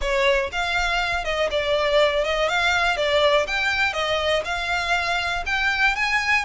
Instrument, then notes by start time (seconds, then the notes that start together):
violin
0.01 C#5
0.52 F5
1.24 D#5
1.50 D5
2.24 D#5
2.48 F5
2.96 D5
3.47 G5
3.93 D#5
4.44 F5
5.46 G5
5.95 G#5